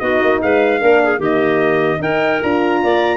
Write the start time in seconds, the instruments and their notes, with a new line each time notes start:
0.00 tuba B3, horn D#4, clarinet F#4, trumpet D#5
0.22 tuba A#3
0.42 tuba G#3, clarinet B4, trumpet F5
0.79 tuba A#3, horn D4, clarinet A#4
1.04 clarinet G#4
1.19 tuba D#3, horn A#3, clarinet G4, trumpet D#5
2.00 tuba D#4, horn D#4, clarinet A#4, trumpet G5
2.41 tuba D4, horn F4, trumpet A#5
2.83 tuba A#3, clarinet D5